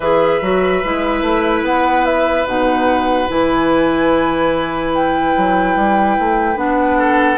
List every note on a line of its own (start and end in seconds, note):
0.00 0.39 E3
0.00 0.42 G#4
0.00 6.98 B4
0.00 1.62 E5
0.41 0.82 F#3
0.41 0.83 F#4
0.84 1.22 G#3
0.84 2.46 E4
1.22 1.62 A3
1.62 2.45 B3
1.62 2.05 F#5
2.05 2.46 E5
2.46 3.28 B2
2.46 3.28 D#4
2.46 3.29 F#5
3.28 5.35 E3
3.28 6.56 E4
3.28 4.93 G#5
4.93 6.57 G5
5.36 5.76 F#3
5.76 6.17 G3
6.18 6.55 A3
6.55 7.37 B3
6.55 7.37 D4
6.55 7.37 F#5
6.98 7.37 A4